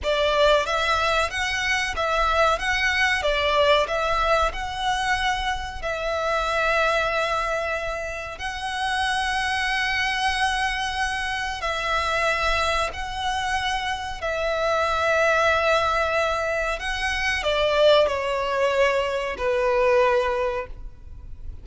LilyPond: \new Staff \with { instrumentName = "violin" } { \time 4/4 \tempo 4 = 93 d''4 e''4 fis''4 e''4 | fis''4 d''4 e''4 fis''4~ | fis''4 e''2.~ | e''4 fis''2.~ |
fis''2 e''2 | fis''2 e''2~ | e''2 fis''4 d''4 | cis''2 b'2 | }